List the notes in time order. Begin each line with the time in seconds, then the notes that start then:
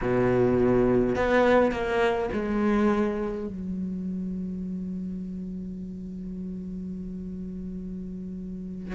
0.01 B2
1.15 B3
1.72 A#3
2.32 G#3
3.47 F#3